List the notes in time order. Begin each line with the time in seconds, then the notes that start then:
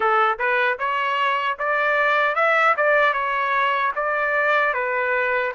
0.00 A4
0.38 B4
0.78 C#5
1.58 D5
2.35 E5
2.76 D5
3.13 C#5
3.95 D5
4.73 B4